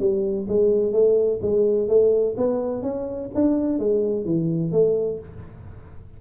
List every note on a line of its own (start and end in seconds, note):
0.00 0.47 G3
0.48 0.93 G#3
0.93 1.40 A3
1.42 1.88 G#3
1.88 2.36 A3
2.37 2.83 B3
2.83 3.30 C#4
3.35 3.79 D4
3.79 4.25 G#3
4.25 4.72 E3
4.72 5.19 A3